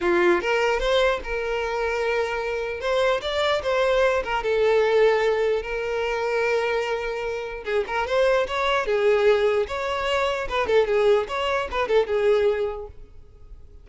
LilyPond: \new Staff \with { instrumentName = "violin" } { \time 4/4 \tempo 4 = 149 f'4 ais'4 c''4 ais'4~ | ais'2. c''4 | d''4 c''4. ais'8 a'4~ | a'2 ais'2~ |
ais'2. gis'8 ais'8 | c''4 cis''4 gis'2 | cis''2 b'8 a'8 gis'4 | cis''4 b'8 a'8 gis'2 | }